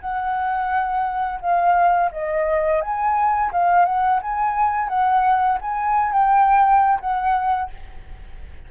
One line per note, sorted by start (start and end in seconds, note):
0.00 1.40 F#5
1.40 2.10 F5
2.11 2.81 D#5
2.81 3.51 G#5
3.52 3.85 F5
3.85 4.20 F#5
4.22 4.88 G#5
4.88 5.58 F#5
5.61 6.12 G#5
6.12 6.99 G5
7.00 7.70 F#5